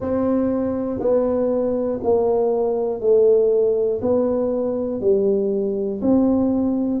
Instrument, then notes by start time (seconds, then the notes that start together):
tuba
0.00 C4
1.00 B3
2.03 A#3
3.00 A3
4.01 B3
5.00 G3
6.01 C4